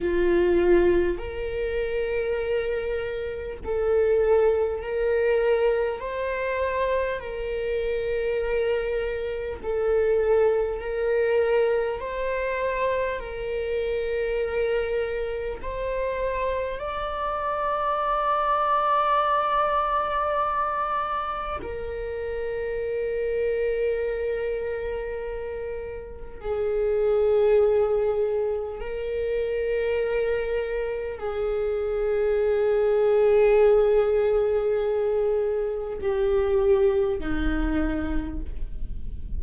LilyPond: \new Staff \with { instrumentName = "viola" } { \time 4/4 \tempo 4 = 50 f'4 ais'2 a'4 | ais'4 c''4 ais'2 | a'4 ais'4 c''4 ais'4~ | ais'4 c''4 d''2~ |
d''2 ais'2~ | ais'2 gis'2 | ais'2 gis'2~ | gis'2 g'4 dis'4 | }